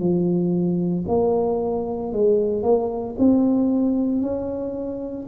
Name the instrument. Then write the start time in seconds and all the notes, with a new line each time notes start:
tuba
0.00 F3
1.08 A#3
2.13 G#3
2.63 A#3
3.19 C4
4.22 C#4